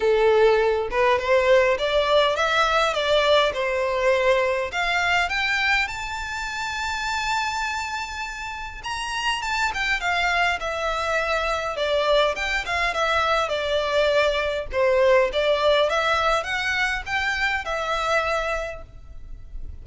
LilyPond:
\new Staff \with { instrumentName = "violin" } { \time 4/4 \tempo 4 = 102 a'4. b'8 c''4 d''4 | e''4 d''4 c''2 | f''4 g''4 a''2~ | a''2. ais''4 |
a''8 g''8 f''4 e''2 | d''4 g''8 f''8 e''4 d''4~ | d''4 c''4 d''4 e''4 | fis''4 g''4 e''2 | }